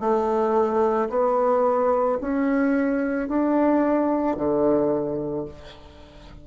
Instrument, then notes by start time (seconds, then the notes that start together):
bassoon
0.00 A3
1.10 B3
2.21 C#4
3.28 D4
4.36 D3